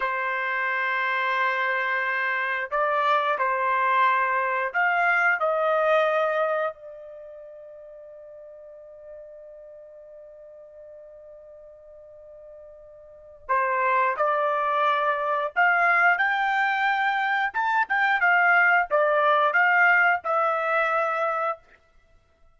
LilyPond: \new Staff \with { instrumentName = "trumpet" } { \time 4/4 \tempo 4 = 89 c''1 | d''4 c''2 f''4 | dis''2 d''2~ | d''1~ |
d''1 | c''4 d''2 f''4 | g''2 a''8 g''8 f''4 | d''4 f''4 e''2 | }